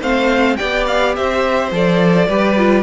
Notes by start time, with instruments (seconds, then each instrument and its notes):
0.00 cello A3, viola C4, violin C5 F5
0.57 cello B3, viola G4, violin D5 G5
0.87 violin F5
1.16 cello C4, violin C5 E5
1.72 cello F3, viola A4, violin D5
2.28 cello G3, viola G4, violin B4
2.58 viola F4